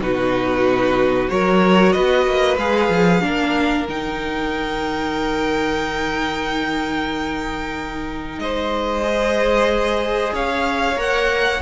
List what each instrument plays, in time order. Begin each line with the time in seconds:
0.00 cello B2, viola D#4, violin F#4 B4
1.27 cello F#3, viola F#4, violin A#4 C#5
1.92 cello B3, violin B4 D#5
2.26 cello A#3
2.57 cello G#3, viola G#4, violin F5
2.88 cello F3
3.21 cello A#3, viola D4, violin A#4
3.87 cello D#3, viola D#4, violin G5
8.38 cello G#3, violin C5 D#5
9.02 viola G#4
10.33 cello C#4, violin C#5 F5
10.96 cello A#3, viola A#4, violin F#5